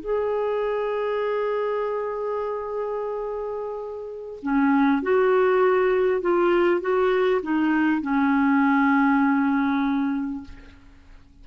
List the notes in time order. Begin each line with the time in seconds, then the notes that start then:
0.00 G#4
4.42 C#4
5.02 F#4
6.21 F4
6.81 F#4
7.42 D#4
8.02 C#4